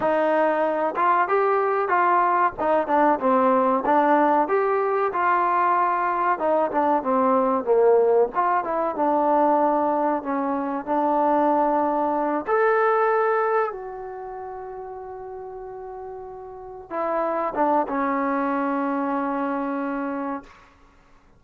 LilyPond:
\new Staff \with { instrumentName = "trombone" } { \time 4/4 \tempo 4 = 94 dis'4. f'8 g'4 f'4 | dis'8 d'8 c'4 d'4 g'4 | f'2 dis'8 d'8 c'4 | ais4 f'8 e'8 d'2 |
cis'4 d'2~ d'8 a'8~ | a'4. fis'2~ fis'8~ | fis'2~ fis'8 e'4 d'8 | cis'1 | }